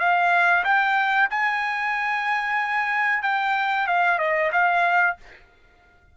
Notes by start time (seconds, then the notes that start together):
0.00 F5
0.65 G5
1.31 G#5
3.23 G5
3.88 F5
4.19 D#5
4.52 F5